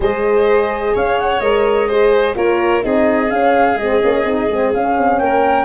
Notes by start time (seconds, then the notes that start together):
0.00 G#3 G#4 C5 D#5
0.93 C#4 C#5 F5
1.19 F#5
1.40 G#3 A#4 D#5
1.87 G#4 C5
2.35 A#3 F4 A#4 C#5
2.81 C4 D#4 G#4 D#5
3.30 C#4 F5
3.75 G#3 D#5
3.82 C4
4.01 A#3 C#4
4.24 C4 D#4
4.50 G#3 C4
4.73 C#4 F5
4.97 C4
5.18 A#3 A#4 G5